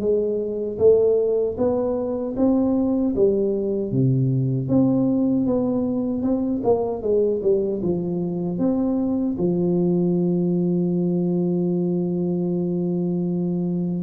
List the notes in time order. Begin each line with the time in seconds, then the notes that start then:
0.00 G#3
0.78 A3
1.57 B3
2.36 C4
3.15 G3
3.91 C3
4.68 C4
5.46 B3
6.22 C4
6.64 A#3
7.02 G#3
7.42 G3
7.82 F3
8.58 C4
9.38 F3